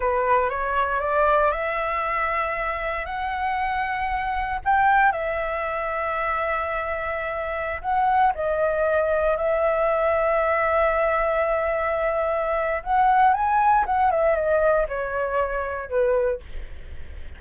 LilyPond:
\new Staff \with { instrumentName = "flute" } { \time 4/4 \tempo 4 = 117 b'4 cis''4 d''4 e''4~ | e''2 fis''2~ | fis''4 g''4 e''2~ | e''2.~ e''16 fis''8.~ |
fis''16 dis''2 e''4.~ e''16~ | e''1~ | e''4 fis''4 gis''4 fis''8 e''8 | dis''4 cis''2 b'4 | }